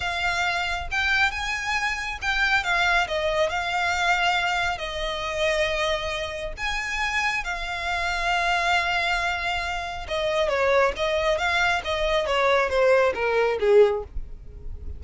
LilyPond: \new Staff \with { instrumentName = "violin" } { \time 4/4 \tempo 4 = 137 f''2 g''4 gis''4~ | gis''4 g''4 f''4 dis''4 | f''2. dis''4~ | dis''2. gis''4~ |
gis''4 f''2.~ | f''2. dis''4 | cis''4 dis''4 f''4 dis''4 | cis''4 c''4 ais'4 gis'4 | }